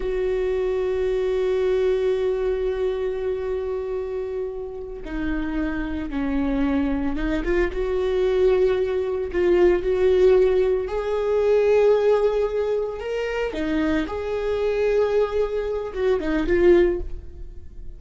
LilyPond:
\new Staff \with { instrumentName = "viola" } { \time 4/4 \tempo 4 = 113 fis'1~ | fis'1~ | fis'4. dis'2 cis'8~ | cis'4. dis'8 f'8 fis'4.~ |
fis'4. f'4 fis'4.~ | fis'8 gis'2.~ gis'8~ | gis'8 ais'4 dis'4 gis'4.~ | gis'2 fis'8 dis'8 f'4 | }